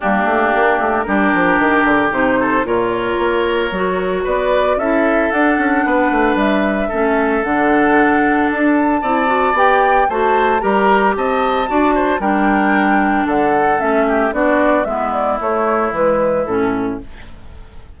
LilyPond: <<
  \new Staff \with { instrumentName = "flute" } { \time 4/4 \tempo 4 = 113 g'2 ais'2 | c''4 cis''2. | d''4 e''4 fis''2 | e''2 fis''2 |
a''2 g''4 a''4 | ais''4 a''2 g''4~ | g''4 fis''4 e''4 d''4 | e''8 d''8 cis''4 b'4 a'4 | }
  \new Staff \with { instrumentName = "oboe" } { \time 4/4 d'2 g'2~ | g'8 a'8 ais'2. | b'4 a'2 b'4~ | b'4 a'2.~ |
a'4 d''2 c''4 | ais'4 dis''4 d''8 c''8 ais'4~ | ais'4 a'4. g'8 fis'4 | e'1 | }
  \new Staff \with { instrumentName = "clarinet" } { \time 4/4 ais2 d'2 | dis'4 f'2 fis'4~ | fis'4 e'4 d'2~ | d'4 cis'4 d'2~ |
d'4 e'8 fis'8 g'4 fis'4 | g'2 fis'4 d'4~ | d'2 cis'4 d'4 | b4 a4 gis4 cis'4 | }
  \new Staff \with { instrumentName = "bassoon" } { \time 4/4 g8 a8 ais8 a8 g8 f8 dis8 d8 | c4 ais,4 ais4 fis4 | b4 cis'4 d'8 cis'8 b8 a8 | g4 a4 d2 |
d'4 c'4 b4 a4 | g4 c'4 d'4 g4~ | g4 d4 a4 b4 | gis4 a4 e4 a,4 | }
>>